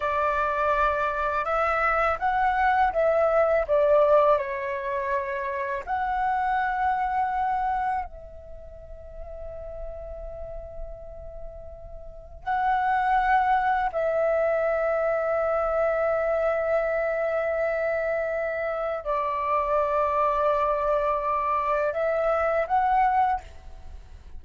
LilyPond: \new Staff \with { instrumentName = "flute" } { \time 4/4 \tempo 4 = 82 d''2 e''4 fis''4 | e''4 d''4 cis''2 | fis''2. e''4~ | e''1~ |
e''4 fis''2 e''4~ | e''1~ | e''2 d''2~ | d''2 e''4 fis''4 | }